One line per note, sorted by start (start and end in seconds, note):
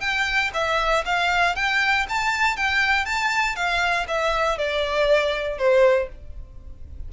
0.00 0.50 G5
0.54 1.04 E5
1.05 1.55 F5
1.55 2.06 G5
2.09 2.56 A5
2.56 3.05 G5
3.05 3.55 A5
3.55 4.06 F5
4.07 4.57 E5
4.57 5.58 D5
5.58 6.08 C5